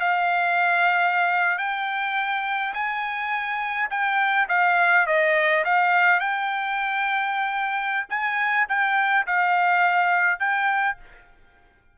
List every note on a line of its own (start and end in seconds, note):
0.00 1.58 F5
1.58 2.73 G5
2.73 3.89 G#5
3.90 4.48 G5
4.48 5.06 F5
5.06 5.64 D#5
5.64 6.19 F5
6.19 8.07 G5
8.09 8.66 G#5
8.68 9.26 G5
9.26 10.39 F5
10.39 10.97 G5